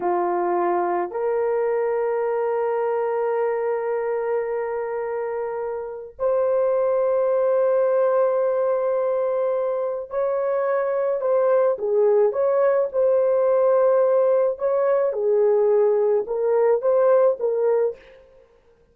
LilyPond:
\new Staff \with { instrumentName = "horn" } { \time 4/4 \tempo 4 = 107 f'2 ais'2~ | ais'1~ | ais'2. c''4~ | c''1~ |
c''2 cis''2 | c''4 gis'4 cis''4 c''4~ | c''2 cis''4 gis'4~ | gis'4 ais'4 c''4 ais'4 | }